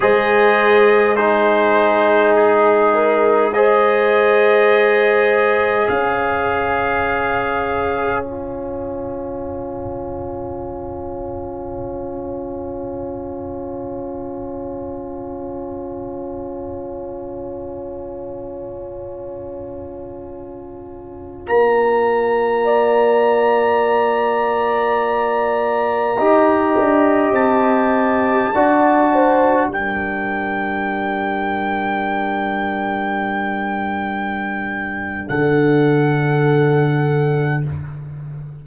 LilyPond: <<
  \new Staff \with { instrumentName = "trumpet" } { \time 4/4 \tempo 4 = 51 dis''4 c''4 gis'4 dis''4~ | dis''4 f''2 gis''4~ | gis''1~ | gis''1~ |
gis''2~ gis''16 ais''4.~ ais''16~ | ais''2.~ ais''16 a''8.~ | a''4~ a''16 g''2~ g''8.~ | g''2 fis''2 | }
  \new Staff \with { instrumentName = "horn" } { \time 4/4 c''4 gis'4. ais'8 c''4~ | c''4 cis''2.~ | cis''1~ | cis''1~ |
cis''2.~ cis''16 d''8.~ | d''2~ d''16 dis''4.~ dis''16~ | dis''16 d''8 c''8 ais'2~ ais'8.~ | ais'2 a'2 | }
  \new Staff \with { instrumentName = "trombone" } { \time 4/4 gis'4 dis'2 gis'4~ | gis'2. f'4~ | f'1~ | f'1~ |
f'1~ | f'2~ f'16 g'4.~ g'16~ | g'16 fis'4 d'2~ d'8.~ | d'1 | }
  \new Staff \with { instrumentName = "tuba" } { \time 4/4 gis1~ | gis4 cis'2.~ | cis'1~ | cis'1~ |
cis'2~ cis'16 ais4.~ ais16~ | ais2~ ais16 dis'8 d'8 c'8.~ | c'16 d'4 g2~ g8.~ | g2 d2 | }
>>